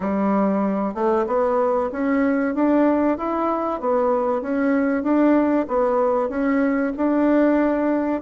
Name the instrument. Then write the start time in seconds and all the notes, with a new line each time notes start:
bassoon
0.00 G3
0.94 A3
1.27 B3
1.92 C#4
2.54 D4
3.17 E4
3.80 B3
4.41 C#4
5.03 D4
5.68 B3
6.29 C#4
6.96 D4